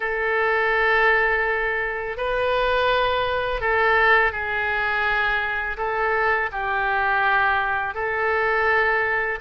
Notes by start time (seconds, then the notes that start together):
0.00 A4
2.17 B4
3.60 A4
4.32 G#4
5.77 A4
6.52 G4
7.94 A4